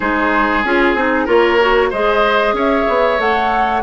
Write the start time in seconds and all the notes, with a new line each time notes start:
0.00 G#3 D#4 G#4 C5
0.62 C#4 F4 G#4
0.94 C4 D#4
1.25 A#3 F4 A#4 C#5
1.60 F#4
1.90 G#3 G#4 C5 D#5
2.53 C#4 C#5 E5
2.88 B3
3.18 A3 A4 F#5